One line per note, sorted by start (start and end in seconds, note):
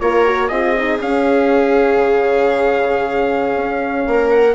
0.00 0.50 A#3
0.00 0.25 F4
0.00 0.49 A#4
0.00 0.48 C#5
0.25 0.50 F#4
0.48 0.99 C4
0.48 0.75 F4
0.48 4.05 G#4
0.48 0.98 D#5
0.78 0.98 D#4
0.98 4.55 C#4
0.98 1.96 C#4
0.98 4.30 F5
1.96 3.55 C#3
3.55 4.04 C#4
4.07 4.55 A#3
4.07 4.55 A#4
4.30 4.54 F#5